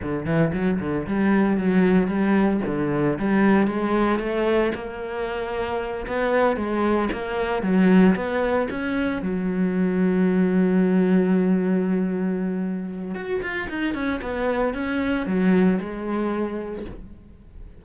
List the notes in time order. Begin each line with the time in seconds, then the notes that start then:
0.02 D3
0.25 E3
0.53 F#3
0.80 D3
1.06 G3
1.57 F#3
2.07 G3
2.66 D3
3.18 G3
3.67 G#3
4.19 A3
4.74 A#3
6.06 B3
6.56 G#3
7.12 A#3
7.62 F#3
8.15 B3
8.70 C#4
9.22 F#3
13.14 F#4
13.42 F4
13.69 D#4
13.94 C#4
14.21 B3
14.74 C#4
15.26 F#3
15.80 G#3